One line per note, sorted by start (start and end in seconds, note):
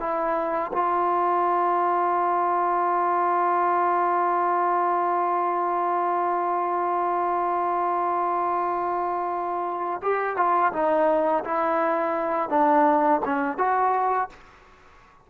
0.00 0.71 E4
0.72 10.01 F4
10.03 10.36 G4
10.36 10.72 F4
10.72 11.44 D#4
11.44 12.50 E4
12.50 13.21 D4
13.25 13.58 C#4
13.58 14.30 F#4